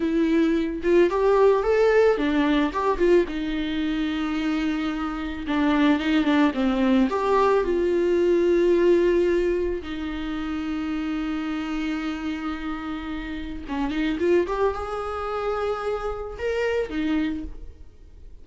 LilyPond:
\new Staff \with { instrumentName = "viola" } { \time 4/4 \tempo 4 = 110 e'4. f'8 g'4 a'4 | d'4 g'8 f'8 dis'2~ | dis'2 d'4 dis'8 d'8 | c'4 g'4 f'2~ |
f'2 dis'2~ | dis'1~ | dis'4 cis'8 dis'8 f'8 g'8 gis'4~ | gis'2 ais'4 dis'4 | }